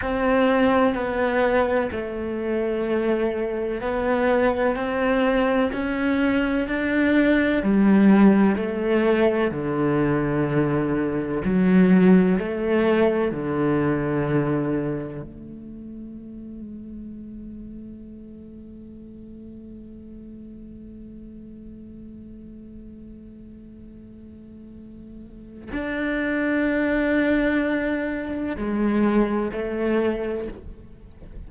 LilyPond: \new Staff \with { instrumentName = "cello" } { \time 4/4 \tempo 4 = 63 c'4 b4 a2 | b4 c'4 cis'4 d'4 | g4 a4 d2 | fis4 a4 d2 |
a1~ | a1~ | a2. d'4~ | d'2 gis4 a4 | }